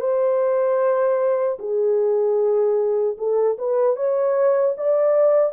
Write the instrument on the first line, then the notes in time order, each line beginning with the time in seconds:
horn
0.00 C5
1.59 G#4
3.18 A4
3.58 B4
3.96 C#5
4.77 D5